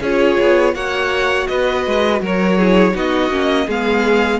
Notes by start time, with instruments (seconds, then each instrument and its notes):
0.00 cello C#4, viola F4, violin G#4 C#5
0.40 cello B3
0.74 cello A#3, viola F#4, violin C#5 F#5
1.47 cello B3, violin B4 D#5
1.86 cello G#3
2.20 cello F#3, violin A#4 C#5
2.58 viola E4, violin G#4
2.93 cello B3, viola D#4, violin F#4 D#5
3.30 cello A#3, viola C#4
3.66 cello G#3, viola B3, violin G#4 F5